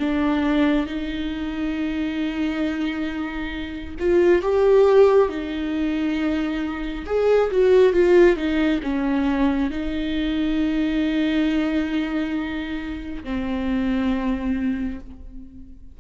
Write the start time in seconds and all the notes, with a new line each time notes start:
0.00 D4
0.87 D#4
3.99 F4
4.42 G4
5.29 D#4
7.06 G#4
7.51 F#4
7.93 F4
8.36 D#4
8.83 C#4
9.71 D#4
13.24 C4